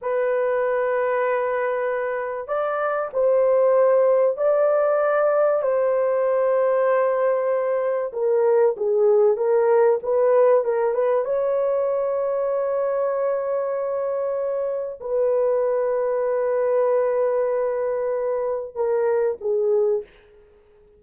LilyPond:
\new Staff \with { instrumentName = "horn" } { \time 4/4 \tempo 4 = 96 b'1 | d''4 c''2 d''4~ | d''4 c''2.~ | c''4 ais'4 gis'4 ais'4 |
b'4 ais'8 b'8 cis''2~ | cis''1 | b'1~ | b'2 ais'4 gis'4 | }